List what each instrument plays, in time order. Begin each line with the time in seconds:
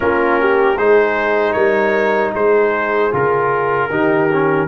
0.00 tuba A#3, trombone C#4, horn F4, trumpet A#4
0.40 horn G4
0.76 tuba G#3, trombone D#4, horn G#4, trumpet C5
1.52 tuba G3, horn A#4, trumpet C#5
2.33 tuba G#3, horn G#4, trumpet C5
3.12 tuba C#3, trombone F4, trumpet A#4
3.89 tuba D#3, trombone D#4, horn G4
4.32 trombone C#4